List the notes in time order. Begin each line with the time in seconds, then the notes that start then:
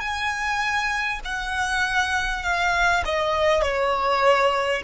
0.00 G#5
1.25 F#5
2.43 F5
3.05 D#5
3.62 C#5